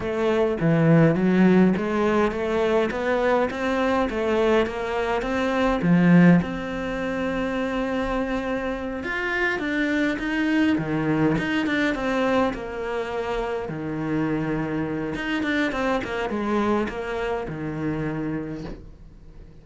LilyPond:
\new Staff \with { instrumentName = "cello" } { \time 4/4 \tempo 4 = 103 a4 e4 fis4 gis4 | a4 b4 c'4 a4 | ais4 c'4 f4 c'4~ | c'2.~ c'8 f'8~ |
f'8 d'4 dis'4 dis4 dis'8 | d'8 c'4 ais2 dis8~ | dis2 dis'8 d'8 c'8 ais8 | gis4 ais4 dis2 | }